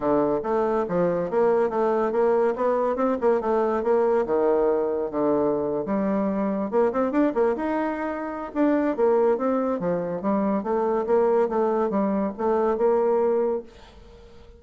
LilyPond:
\new Staff \with { instrumentName = "bassoon" } { \time 4/4 \tempo 4 = 141 d4 a4 f4 ais4 | a4 ais4 b4 c'8 ais8 | a4 ais4 dis2 | d4.~ d16 g2 ais16~ |
ais16 c'8 d'8 ais8 dis'2~ dis'16 | d'4 ais4 c'4 f4 | g4 a4 ais4 a4 | g4 a4 ais2 | }